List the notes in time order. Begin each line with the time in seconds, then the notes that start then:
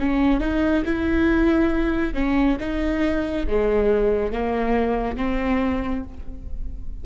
0.00 C#4
0.41 D#4
0.85 E4
2.14 C#4
2.60 D#4
3.47 G#3
4.32 A#3
5.17 C4